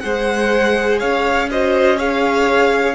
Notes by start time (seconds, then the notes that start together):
0.00 G#3 G#4 C5 F#5
0.99 C#4 C#5 F5
1.51 F#4 C5 D#5
1.97 G#4 C#5 F5